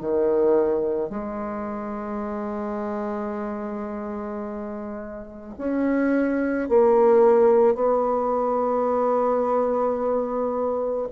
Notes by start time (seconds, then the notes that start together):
0.00 D#3
1.09 G#3
5.58 C#4
6.68 A#3
7.74 B3